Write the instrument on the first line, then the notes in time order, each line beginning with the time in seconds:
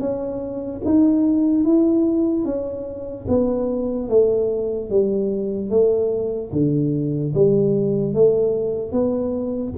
tuba
0.00 C#4
0.85 D#4
1.64 E4
2.45 C#4
3.28 B3
4.09 A3
4.90 G3
5.70 A3
6.52 D3
7.35 G3
8.14 A3
8.92 B3